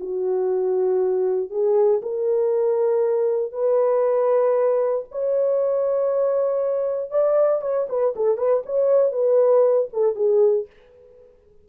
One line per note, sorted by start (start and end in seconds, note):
0.00 1.50 F#4
1.50 2.01 G#4
2.02 3.52 A#4
3.52 5.05 B4
5.11 7.11 C#5
7.11 7.61 D5
7.61 7.87 C#5
7.89 8.14 B4
8.16 8.38 A4
8.38 8.63 B4
8.66 9.12 C#5
9.12 9.88 B4
9.93 10.16 A4
10.16 10.66 G#4